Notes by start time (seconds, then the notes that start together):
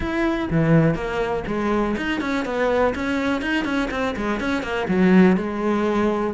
0.00 E4
0.50 E3
0.94 A#3
1.46 G#3
1.96 D#4
2.20 C#4
2.45 B3
2.94 C#4
3.41 D#4
3.64 C#4
3.90 C4
4.16 G#3
4.40 C#4
4.63 A#3
4.88 F#3
5.37 G#3